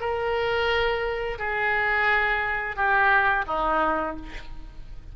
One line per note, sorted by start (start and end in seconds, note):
0.00 1.38 A#4
1.38 2.76 G#4
2.76 3.45 G4
3.47 4.16 D#4